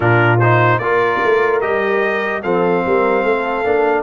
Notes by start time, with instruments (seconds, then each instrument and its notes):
0.00 tuba A#2, trombone D4, horn F4, trumpet A#4
0.39 trombone D#4, trumpet C5
0.78 tuba A#3, trombone F4, horn A#4, trumpet D5
1.24 tuba A3
1.60 tuba G3, trombone G4, trumpet D#5
2.42 tuba F3, trombone C4, horn A4, trumpet F5
2.85 tuba G3, horn A#4
3.23 tuba A3, horn A4
3.64 tuba A#3, trombone D4